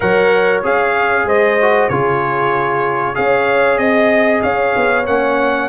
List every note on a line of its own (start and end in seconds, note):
0.00 0.63 F#3
0.00 0.62 A#4
0.00 1.26 C#5
0.00 0.61 F#5
0.63 1.24 C#4
0.63 1.57 G#4
0.63 1.28 F5
1.24 1.87 G#3
1.24 1.89 C5
1.24 1.88 D#5
1.61 1.90 F#4
1.88 3.16 C#3
1.88 3.14 F4
1.88 3.15 G#4
1.88 3.15 C#5
3.14 3.78 C#4
3.14 5.04 G#4
3.14 3.80 C#5
3.14 3.77 F5
3.77 4.41 C4
3.77 4.41 D#5
3.77 4.43 D#5
4.42 4.74 C#4
4.42 5.68 C#5
4.42 5.05 F5
4.76 5.06 B3
5.06 5.68 A#3
5.06 5.68 C#4
5.06 5.68 F#5